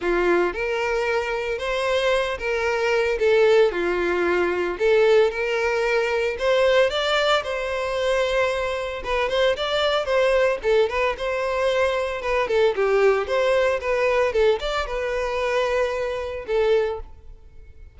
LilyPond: \new Staff \with { instrumentName = "violin" } { \time 4/4 \tempo 4 = 113 f'4 ais'2 c''4~ | c''8 ais'4. a'4 f'4~ | f'4 a'4 ais'2 | c''4 d''4 c''2~ |
c''4 b'8 c''8 d''4 c''4 | a'8 b'8 c''2 b'8 a'8 | g'4 c''4 b'4 a'8 d''8 | b'2. a'4 | }